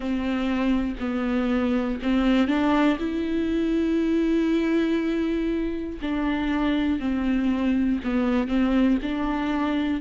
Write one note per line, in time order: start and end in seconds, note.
0.00 0.95 C4
0.99 1.99 B3
2.02 2.47 C4
2.47 2.97 D4
2.99 5.99 E4
6.01 7.00 D4
7.00 8.00 C4
8.04 8.47 B3
8.47 8.97 C4
9.02 10.00 D4